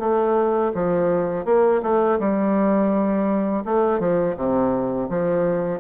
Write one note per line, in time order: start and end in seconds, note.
0.00 0.72 A3
0.75 1.45 F3
1.45 1.81 A#3
1.83 2.19 A3
2.19 3.64 G3
3.65 4.00 A3
4.00 4.36 F3
4.37 5.09 C3
5.10 5.80 F3